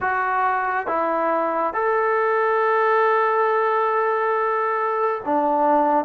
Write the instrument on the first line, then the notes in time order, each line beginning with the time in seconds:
trombone
0.00 F#4
0.87 E4
1.73 A4
5.25 D4